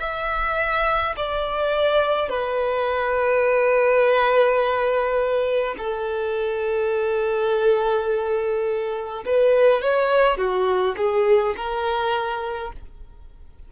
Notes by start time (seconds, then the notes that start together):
0.00 E5
1.16 D5
2.29 B4
5.78 A4
9.26 B4
9.82 C#5
10.37 F#4
10.97 G#4
11.57 A#4